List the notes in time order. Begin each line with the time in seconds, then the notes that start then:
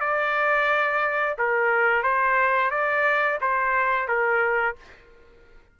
0.00 D5
1.38 A#4
2.03 C5
2.70 D5
3.41 C5
4.07 A#4